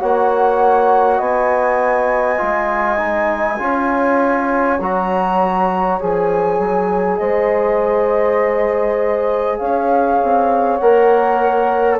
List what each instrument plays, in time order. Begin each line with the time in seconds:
0.00 bassoon A#3, trombone F#4, horn C#5, flute F#5
1.18 bassoon B3, horn D#5, flute G#5
2.38 bassoon G#3, trombone F4
2.98 trombone D#4
3.59 bassoon C#4, trombone F4, horn C#5
4.80 bassoon F#3, trombone F#4, flute A#5
6.01 bassoon F3, trombone G#4, flute G#5
6.59 bassoon F#3
7.17 bassoon G#3, horn C5, flute D#5
9.58 bassoon C#4, horn C#5, flute F5
10.23 bassoon C4
10.77 bassoon A#3, trombone A#4, flute F#5